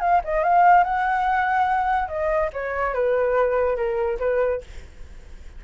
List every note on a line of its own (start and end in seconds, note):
0.00 0.21 F5
0.24 0.43 D#5
0.43 0.84 F5
0.84 2.08 F#5
2.08 2.50 D#5
2.53 2.94 C#5
2.94 3.76 B4
3.76 4.18 A#4
4.19 4.61 B4